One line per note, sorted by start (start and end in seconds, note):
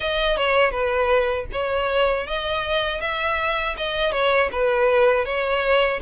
0.00 0.36 D#5
0.36 0.71 C#5
0.71 1.46 B4
1.52 2.26 C#5
2.26 3.00 D#5
3.00 3.75 E5
3.77 4.11 D#5
4.11 4.49 C#5
4.51 5.25 B4
5.25 6.00 C#5